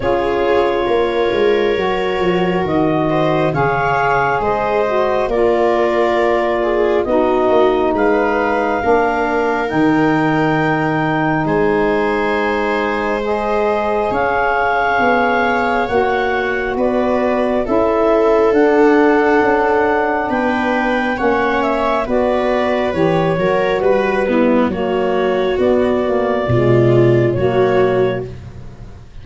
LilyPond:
<<
  \new Staff \with { instrumentName = "clarinet" } { \time 4/4 \tempo 4 = 68 cis''2. dis''4 | f''4 dis''4 d''2 | dis''4 f''2 g''4~ | g''4 gis''2 dis''4 |
f''2 fis''4 d''4 | e''4 fis''2 g''4 | fis''8 e''8 d''4 cis''4 b'4 | cis''4 d''2 cis''4 | }
  \new Staff \with { instrumentName = "viola" } { \time 4/4 gis'4 ais'2~ ais'8 c''8 | cis''4 c''4 ais'4. gis'8 | fis'4 b'4 ais'2~ | ais'4 c''2. |
cis''2. b'4 | a'2. b'4 | cis''4 b'4. ais'8 b'8 b8 | fis'2 f'4 fis'4 | }
  \new Staff \with { instrumentName = "saxophone" } { \time 4/4 f'2 fis'2 | gis'4. fis'8 f'2 | dis'2 d'4 dis'4~ | dis'2. gis'4~ |
gis'2 fis'2 | e'4 d'2. | cis'4 fis'4 g'8 fis'4 e'8 | ais4 b8 ais8 gis4 ais4 | }
  \new Staff \with { instrumentName = "tuba" } { \time 4/4 cis'4 ais8 gis8 fis8 f8 dis4 | cis4 gis4 ais2 | b8 ais8 gis4 ais4 dis4~ | dis4 gis2. |
cis'4 b4 ais4 b4 | cis'4 d'4 cis'4 b4 | ais4 b4 e8 fis8 g4 | fis4 b4 b,4 fis4 | }
>>